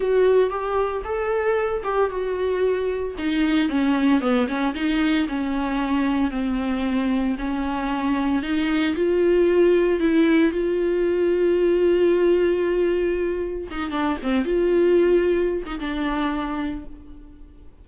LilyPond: \new Staff \with { instrumentName = "viola" } { \time 4/4 \tempo 4 = 114 fis'4 g'4 a'4. g'8 | fis'2 dis'4 cis'4 | b8 cis'8 dis'4 cis'2 | c'2 cis'2 |
dis'4 f'2 e'4 | f'1~ | f'2 dis'8 d'8 c'8 f'8~ | f'4.~ f'16 dis'16 d'2 | }